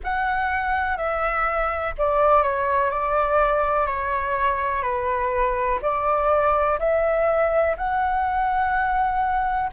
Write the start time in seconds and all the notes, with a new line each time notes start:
0.03 F#5
0.97 E5
1.98 D5
2.42 C#5
2.90 D5
3.86 C#5
4.82 B4
5.82 D5
6.79 E5
7.77 F#5